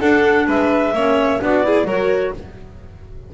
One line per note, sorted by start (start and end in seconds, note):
0.00 0.94 D4
0.00 0.48 D4
0.00 0.47 A4
0.00 0.47 F#5
0.47 0.94 G#3
0.47 0.94 B4
0.47 1.42 E5
0.94 1.40 A#3
0.94 1.40 C#4
0.94 1.42 C#5
1.40 1.84 B3
1.40 1.63 D4
1.40 1.66 F#4
1.40 1.88 D5
1.63 1.86 E4
1.63 1.87 G#4
1.84 2.31 F#3
1.84 2.34 F#4
1.84 2.34 A#4
1.84 2.34 C#5